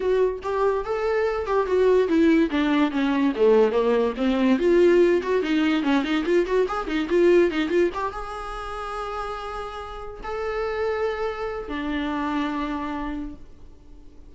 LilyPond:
\new Staff \with { instrumentName = "viola" } { \time 4/4 \tempo 4 = 144 fis'4 g'4 a'4. g'8 | fis'4 e'4 d'4 cis'4 | a4 ais4 c'4 f'4~ | f'8 fis'8 dis'4 cis'8 dis'8 f'8 fis'8 |
gis'8 dis'8 f'4 dis'8 f'8 g'8 gis'8~ | gis'1~ | gis'8 a'2.~ a'8 | d'1 | }